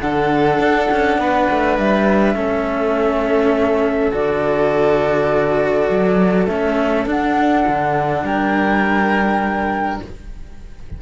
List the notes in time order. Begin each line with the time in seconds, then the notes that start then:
0.00 D3 D4 A4 F#5
0.59 D4
0.91 C#4
1.18 B3 B4
1.50 A3
1.78 G3 E5
2.35 A3 C#4 A4
4.11 D3 F#4 D5
5.89 F#3
6.46 A3 C#4 E5
7.05 D4 F#5
7.67 D3
8.23 G3 A#4 G5